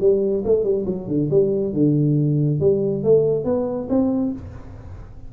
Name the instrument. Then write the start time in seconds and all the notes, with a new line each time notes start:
tuba
0.00 G3
0.45 A3
0.64 G3
0.86 F#3
1.08 D3
1.30 G3
1.74 D3
2.60 G3
3.04 A3
3.45 B3
3.89 C4